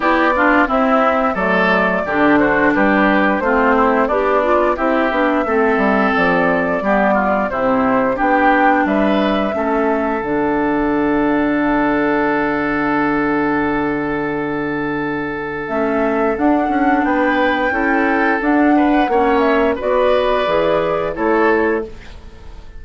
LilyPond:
<<
  \new Staff \with { instrumentName = "flute" } { \time 4/4 \tempo 4 = 88 d''4 e''4 d''4. c''8 | b'4 c''4 d''4 e''4~ | e''4 d''2 c''4 | g''4 e''2 fis''4~ |
fis''1~ | fis''2. e''4 | fis''4 g''2 fis''4~ | fis''8 e''8 d''2 cis''4 | }
  \new Staff \with { instrumentName = "oboe" } { \time 4/4 g'8 f'8 e'4 a'4 g'8 fis'8 | g'4 f'8 e'8 d'4 g'4 | a'2 g'8 f'8 e'4 | g'4 b'4 a'2~ |
a'1~ | a'1~ | a'4 b'4 a'4. b'8 | cis''4 b'2 a'4 | }
  \new Staff \with { instrumentName = "clarinet" } { \time 4/4 e'8 d'8 c'4 a4 d'4~ | d'4 c'4 g'8 f'8 e'8 d'8 | c'2 b4 c'4 | d'2 cis'4 d'4~ |
d'1~ | d'2. cis'4 | d'2 e'4 d'4 | cis'4 fis'4 gis'4 e'4 | }
  \new Staff \with { instrumentName = "bassoon" } { \time 4/4 b4 c'4 fis4 d4 | g4 a4 b4 c'8 b8 | a8 g8 f4 g4 c4 | b4 g4 a4 d4~ |
d1~ | d2. a4 | d'8 cis'8 b4 cis'4 d'4 | ais4 b4 e4 a4 | }
>>